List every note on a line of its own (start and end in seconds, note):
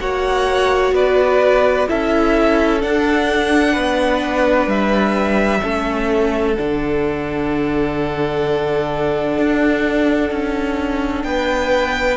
0.00 0.92 A#3
0.00 1.88 F#4
0.00 0.95 C#5
0.00 0.94 F#5
0.92 1.86 B3
0.92 1.88 B4
0.92 1.89 D5
1.88 2.84 C#4
1.88 2.80 E4
1.88 3.73 A4
1.88 2.81 E5
2.80 5.62 D4
2.80 3.77 D4
2.80 4.69 F#5
3.73 4.67 B3
3.73 5.60 B4
4.67 5.61 G3
4.67 6.55 E5
5.62 6.58 A3
5.62 6.56 C#4
5.62 11.26 A4
6.55 9.38 D3
6.55 12.17 D4
6.55 11.24 F#5
9.38 10.31 D4
10.31 11.24 C#4
11.24 12.17 B3
11.24 12.17 B4
11.24 12.17 G5